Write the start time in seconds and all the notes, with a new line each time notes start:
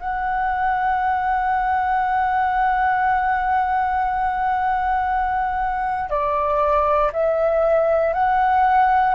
0.00 F#5
6.10 D5
7.13 E5
8.14 F#5